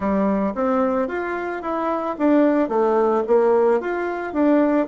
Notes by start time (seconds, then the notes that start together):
0.00 G3
0.54 C4
1.08 F4
1.62 E4
2.18 D4
2.69 A3
3.27 A#3
3.80 F4
4.33 D4